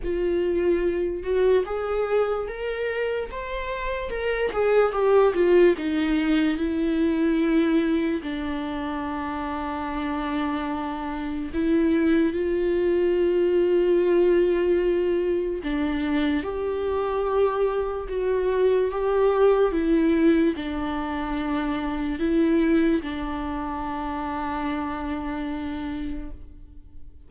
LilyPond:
\new Staff \with { instrumentName = "viola" } { \time 4/4 \tempo 4 = 73 f'4. fis'8 gis'4 ais'4 | c''4 ais'8 gis'8 g'8 f'8 dis'4 | e'2 d'2~ | d'2 e'4 f'4~ |
f'2. d'4 | g'2 fis'4 g'4 | e'4 d'2 e'4 | d'1 | }